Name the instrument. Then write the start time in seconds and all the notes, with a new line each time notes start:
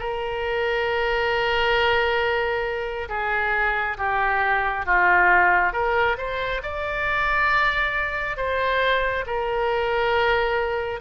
oboe
0.00 A#4
3.09 G#4
3.98 G4
4.86 F4
5.73 A#4
6.18 C5
6.63 D5
8.37 C5
9.27 A#4